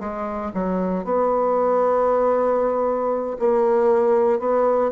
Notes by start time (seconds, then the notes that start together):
0.00 G#3
0.54 F#3
1.04 B3
3.40 A#3
4.40 B3